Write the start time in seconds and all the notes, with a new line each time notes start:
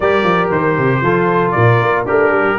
0.00 G3 G4 A#4 D5
0.23 F3
0.51 D#3 C5
0.77 C3
1.01 F3 F4 A4
1.51 A#2 A#4 D5
1.81 A#3
2.05 A3 D4 G4 A#4
2.29 G3